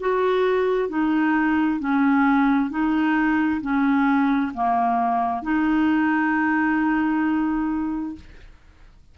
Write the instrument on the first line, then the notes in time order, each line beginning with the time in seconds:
clarinet
0.00 F#4
0.88 D#4
1.79 C#4
2.70 D#4
3.61 C#4
4.54 A#3
5.43 D#4